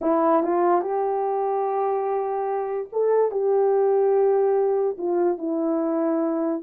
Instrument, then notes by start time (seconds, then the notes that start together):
horn
0.01 E4
0.43 F4
0.81 G4
2.92 A4
3.31 G4
4.98 F4
5.38 E4